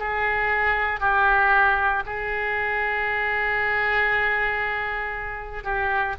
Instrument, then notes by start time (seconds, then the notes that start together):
oboe
0.00 G#4
1.01 G4
2.06 G#4
5.64 G4